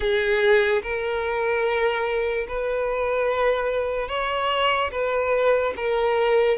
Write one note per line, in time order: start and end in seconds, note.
0.00 0.81 G#4
0.82 2.47 A#4
2.47 4.08 B4
4.08 4.90 C#5
4.91 5.73 B4
5.76 6.58 A#4